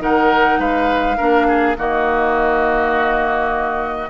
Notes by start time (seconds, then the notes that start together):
0.00 D#3 D#4 A#4 F#5
0.59 G#3 B4 F5
1.17 A#3 D4 A#4
1.48 G#4
1.76 D#3 A#3 F#4 D#5